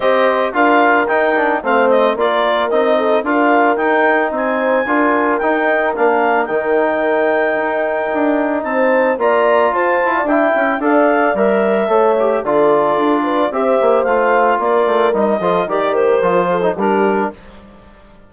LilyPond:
<<
  \new Staff \with { instrumentName = "clarinet" } { \time 4/4 \tempo 4 = 111 dis''4 f''4 g''4 f''8 dis''8 | d''4 dis''4 f''4 g''4 | gis''2 g''4 f''4 | g''1 |
a''4 ais''4 a''4 g''4 | f''4 e''2 d''4~ | d''4 e''4 f''4 d''4 | dis''4 d''8 c''4. ais'4 | }
  \new Staff \with { instrumentName = "horn" } { \time 4/4 c''4 ais'2 c''4 | ais'4. a'8 ais'2 | c''4 ais'2.~ | ais'1 |
c''4 d''4 c''8. d''16 e''4 | d''2 cis''4 a'4~ | a'8 b'8 c''2 ais'4~ | ais'8 a'8 ais'4. a'8 g'4 | }
  \new Staff \with { instrumentName = "trombone" } { \time 4/4 g'4 f'4 dis'8 d'8 c'4 | f'4 dis'4 f'4 dis'4~ | dis'4 f'4 dis'4 d'4 | dis'1~ |
dis'4 f'2 e'4 | a'4 ais'4 a'8 g'8 f'4~ | f'4 g'4 f'2 | dis'8 f'8 g'4 f'8. dis'16 d'4 | }
  \new Staff \with { instrumentName = "bassoon" } { \time 4/4 c'4 d'4 dis'4 a4 | ais4 c'4 d'4 dis'4 | c'4 d'4 dis'4 ais4 | dis2 dis'4 d'4 |
c'4 ais4 f'8 e'8 d'8 cis'8 | d'4 g4 a4 d4 | d'4 c'8 ais8 a4 ais8 a8 | g8 f8 dis4 f4 g4 | }
>>